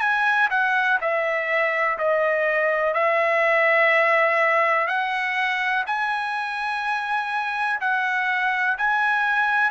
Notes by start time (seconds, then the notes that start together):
0.00 G#5
0.50 F#5
1.01 E5
1.98 D#5
2.93 E5
4.87 F#5
5.86 G#5
7.80 F#5
8.78 G#5